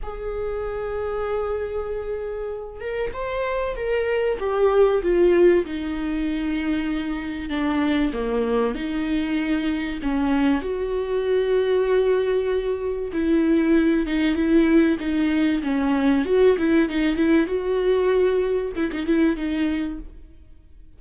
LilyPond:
\new Staff \with { instrumentName = "viola" } { \time 4/4 \tempo 4 = 96 gis'1~ | gis'8 ais'8 c''4 ais'4 g'4 | f'4 dis'2. | d'4 ais4 dis'2 |
cis'4 fis'2.~ | fis'4 e'4. dis'8 e'4 | dis'4 cis'4 fis'8 e'8 dis'8 e'8 | fis'2 e'16 dis'16 e'8 dis'4 | }